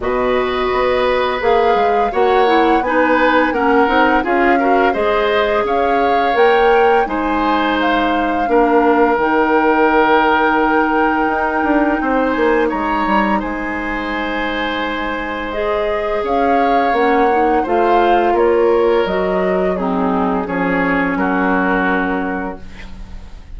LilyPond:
<<
  \new Staff \with { instrumentName = "flute" } { \time 4/4 \tempo 4 = 85 dis''2 f''4 fis''4 | gis''4 fis''4 f''4 dis''4 | f''4 g''4 gis''4 f''4~ | f''4 g''2.~ |
g''4. gis''8 ais''4 gis''4~ | gis''2 dis''4 f''4 | fis''4 f''4 cis''4 dis''4 | gis'4 cis''4 ais'2 | }
  \new Staff \with { instrumentName = "oboe" } { \time 4/4 b'2. cis''4 | b'4 ais'4 gis'8 ais'8 c''4 | cis''2 c''2 | ais'1~ |
ais'4 c''4 cis''4 c''4~ | c''2. cis''4~ | cis''4 c''4 ais'2 | dis'4 gis'4 fis'2 | }
  \new Staff \with { instrumentName = "clarinet" } { \time 4/4 fis'2 gis'4 fis'8 e'8 | dis'4 cis'8 dis'8 f'8 fis'8 gis'4~ | gis'4 ais'4 dis'2 | d'4 dis'2.~ |
dis'1~ | dis'2 gis'2 | cis'8 dis'8 f'2 fis'4 | c'4 cis'2. | }
  \new Staff \with { instrumentName = "bassoon" } { \time 4/4 b,4 b4 ais8 gis8 ais4 | b4 ais8 c'8 cis'4 gis4 | cis'4 ais4 gis2 | ais4 dis2. |
dis'8 d'8 c'8 ais8 gis8 g8 gis4~ | gis2. cis'4 | ais4 a4 ais4 fis4~ | fis4 f4 fis2 | }
>>